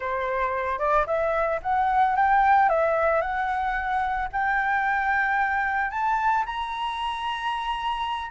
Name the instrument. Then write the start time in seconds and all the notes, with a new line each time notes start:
flute
0.00 C5
0.79 D5
1.06 E5
1.62 F#5
2.16 G5
2.69 E5
3.21 F#5
4.32 G5
5.91 A5
6.45 A#5